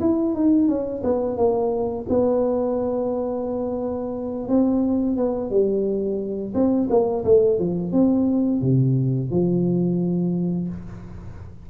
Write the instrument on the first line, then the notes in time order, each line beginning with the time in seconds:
tuba
0.00 E4
0.34 D#4
0.68 C#4
1.03 B3
1.37 A#3
2.08 B3
4.48 C4
5.16 B3
5.50 G3
6.54 C4
6.89 A#3
7.24 A3
7.59 F3
7.92 C4
8.61 C3
9.30 F3